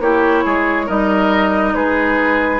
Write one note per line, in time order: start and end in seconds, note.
0.00 0.43 A#3
0.00 0.87 E4
0.00 0.44 G4
0.00 0.88 C#5
0.44 0.89 G#3
0.44 0.86 G#4
0.86 1.74 G3
0.86 2.60 D#4
0.86 1.73 A#4
0.86 1.74 D#5
1.74 2.60 G#3
1.74 2.60 G#4
1.74 2.60 B4